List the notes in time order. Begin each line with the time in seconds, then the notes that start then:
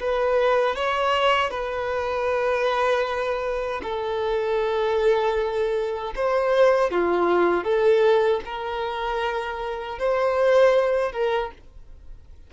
0.00 B4
0.76 C#5
1.50 B4
3.83 A4
6.16 C5
6.91 F4
7.64 A4
8.45 A#4
9.99 C5
11.12 A#4